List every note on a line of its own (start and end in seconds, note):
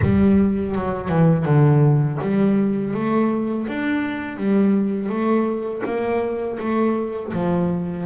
0.02 0.75 G3
0.75 1.08 F#3
1.08 1.45 E3
1.45 2.18 D3
2.21 2.93 G3
2.93 3.67 A3
3.67 4.36 D4
4.36 5.09 G3
5.09 5.82 A3
5.85 6.58 A#3
6.59 7.32 A3
7.33 8.06 F3